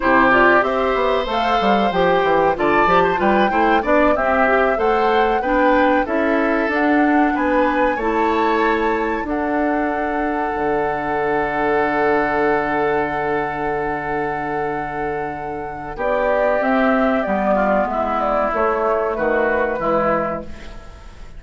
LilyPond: <<
  \new Staff \with { instrumentName = "flute" } { \time 4/4 \tempo 4 = 94 c''8 d''8 e''4 f''4 g''4 | a''4 g''4 d''8 e''4 fis''8~ | fis''8 g''4 e''4 fis''4 gis''8~ | gis''8 a''2 fis''4.~ |
fis''1~ | fis''1~ | fis''4 d''4 e''4 d''4 | e''8 d''8 cis''4 b'2 | }
  \new Staff \with { instrumentName = "oboe" } { \time 4/4 g'4 c''2. | d''8. c''16 b'8 c''8 d''8 g'4 c''8~ | c''8 b'4 a'2 b'8~ | b'8 cis''2 a'4.~ |
a'1~ | a'1~ | a'4 g'2~ g'8 f'8 | e'2 fis'4 e'4 | }
  \new Staff \with { instrumentName = "clarinet" } { \time 4/4 e'8 f'8 g'4 a'4 g'4 | f'8 g'8 f'8 e'8 d'8 c'8 g'8 a'8~ | a'8 d'4 e'4 d'4.~ | d'8 e'2 d'4.~ |
d'1~ | d'1~ | d'2 c'4 b4~ | b4 a2 gis4 | }
  \new Staff \with { instrumentName = "bassoon" } { \time 4/4 c4 c'8 b8 a8 g8 f8 e8 | d8 f8 g8 a8 b8 c'4 a8~ | a8 b4 cis'4 d'4 b8~ | b8 a2 d'4.~ |
d'8 d2.~ d8~ | d1~ | d4 b4 c'4 g4 | gis4 a4 dis4 e4 | }
>>